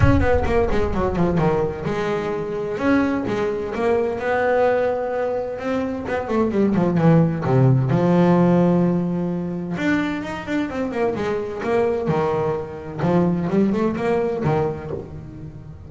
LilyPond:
\new Staff \with { instrumentName = "double bass" } { \time 4/4 \tempo 4 = 129 cis'8 b8 ais8 gis8 fis8 f8 dis4 | gis2 cis'4 gis4 | ais4 b2. | c'4 b8 a8 g8 f8 e4 |
c4 f2.~ | f4 d'4 dis'8 d'8 c'8 ais8 | gis4 ais4 dis2 | f4 g8 a8 ais4 dis4 | }